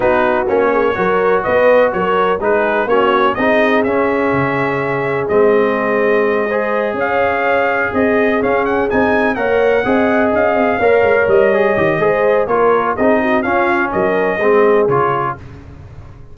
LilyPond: <<
  \new Staff \with { instrumentName = "trumpet" } { \time 4/4 \tempo 4 = 125 b'4 cis''2 dis''4 | cis''4 b'4 cis''4 dis''4 | e''2. dis''4~ | dis''2~ dis''8 f''4.~ |
f''8 dis''4 f''8 fis''8 gis''4 fis''8~ | fis''4. f''2 dis''8~ | dis''2 cis''4 dis''4 | f''4 dis''2 cis''4 | }
  \new Staff \with { instrumentName = "horn" } { \time 4/4 fis'4. gis'8 ais'4 b'4 | ais'4 gis'4 fis'4 gis'4~ | gis'1~ | gis'4. c''4 cis''4.~ |
cis''8 gis'2. cis''8~ | cis''8 dis''2 cis''4.~ | cis''4 c''4 ais'4 gis'8 fis'8 | f'4 ais'4 gis'2 | }
  \new Staff \with { instrumentName = "trombone" } { \time 4/4 dis'4 cis'4 fis'2~ | fis'4 dis'4 cis'4 dis'4 | cis'2. c'4~ | c'4. gis'2~ gis'8~ |
gis'4. cis'4 dis'4 ais'8~ | ais'8 gis'2 ais'4. | gis'8 g'8 gis'4 f'4 dis'4 | cis'2 c'4 f'4 | }
  \new Staff \with { instrumentName = "tuba" } { \time 4/4 b4 ais4 fis4 b4 | fis4 gis4 ais4 c'4 | cis'4 cis2 gis4~ | gis2~ gis8 cis'4.~ |
cis'8 c'4 cis'4 c'4 ais8~ | ais8 c'4 cis'8 c'8 ais8 gis8 g8~ | g8 dis8 gis4 ais4 c'4 | cis'4 fis4 gis4 cis4 | }
>>